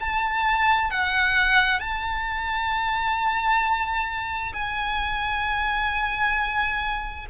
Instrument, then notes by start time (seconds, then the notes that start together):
violin
0.00 A5
0.91 F#5
1.80 A5
4.54 G#5